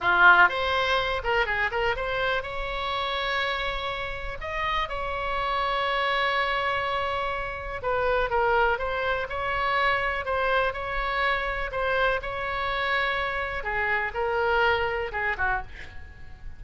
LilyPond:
\new Staff \with { instrumentName = "oboe" } { \time 4/4 \tempo 4 = 123 f'4 c''4. ais'8 gis'8 ais'8 | c''4 cis''2.~ | cis''4 dis''4 cis''2~ | cis''1 |
b'4 ais'4 c''4 cis''4~ | cis''4 c''4 cis''2 | c''4 cis''2. | gis'4 ais'2 gis'8 fis'8 | }